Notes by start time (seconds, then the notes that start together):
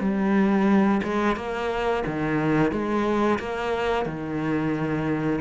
0.00 G3
1.03 G#3
1.36 A#3
2.07 D#3
2.72 G#3
3.39 A#3
4.05 D#3